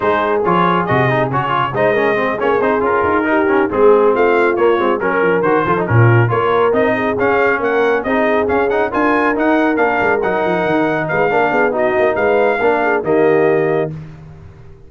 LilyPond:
<<
  \new Staff \with { instrumentName = "trumpet" } { \time 4/4 \tempo 4 = 138 c''4 cis''4 dis''4 cis''4 | dis''4. cis''8 c''8 ais'4.~ | ais'8 gis'4 f''4 cis''4 ais'8~ | ais'8 c''4 ais'4 cis''4 dis''8~ |
dis''8 f''4 fis''4 dis''4 f''8 | fis''8 gis''4 fis''4 f''4 fis''8~ | fis''4. f''4. dis''4 | f''2 dis''2 | }
  \new Staff \with { instrumentName = "horn" } { \time 4/4 gis'1 | c''8 ais'8 gis'2~ gis'8 g'8~ | g'8 gis'4 f'2 ais'8~ | ais'4 a'8 f'4 ais'4. |
gis'4. ais'4 gis'4.~ | gis'8 ais'2.~ ais'8~ | ais'4. b'8 ais'8 gis'8 fis'4 | b'4 ais'8 gis'8 g'2 | }
  \new Staff \with { instrumentName = "trombone" } { \time 4/4 dis'4 f'4 fis'8 dis'8 fis'8 f'8 | dis'8 cis'8 c'8 cis'8 dis'8 f'4 dis'8 | cis'8 c'2 ais8 c'8 cis'8~ | cis'8 fis'8 f'16 dis'16 cis'4 f'4 dis'8~ |
dis'8 cis'2 dis'4 cis'8 | dis'8 f'4 dis'4 d'4 dis'8~ | dis'2 d'4 dis'4~ | dis'4 d'4 ais2 | }
  \new Staff \with { instrumentName = "tuba" } { \time 4/4 gis4 f4 c4 cis4 | gis4. ais8 c'8 cis'8 dis'4~ | dis'8 gis4 a4 ais8 gis8 fis8 | f8 dis8 f8 ais,4 ais4 c'8~ |
c'8 cis'4 ais4 c'4 cis'8~ | cis'8 d'4 dis'4 ais8 gis8 fis8 | f8 dis4 gis8 ais8 b4 ais8 | gis4 ais4 dis2 | }
>>